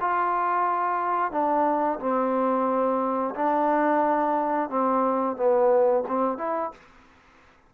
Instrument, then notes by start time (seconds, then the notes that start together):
trombone
0.00 F4
1.31 D4
1.99 C4
3.35 D4
4.70 C4
5.36 B3
6.08 C4
6.38 E4